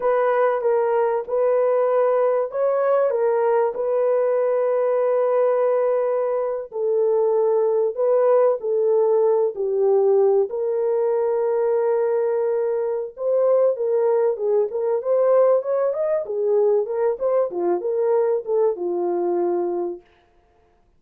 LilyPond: \new Staff \with { instrumentName = "horn" } { \time 4/4 \tempo 4 = 96 b'4 ais'4 b'2 | cis''4 ais'4 b'2~ | b'2~ b'8. a'4~ a'16~ | a'8. b'4 a'4. g'8.~ |
g'8. ais'2.~ ais'16~ | ais'4 c''4 ais'4 gis'8 ais'8 | c''4 cis''8 dis''8 gis'4 ais'8 c''8 | f'8 ais'4 a'8 f'2 | }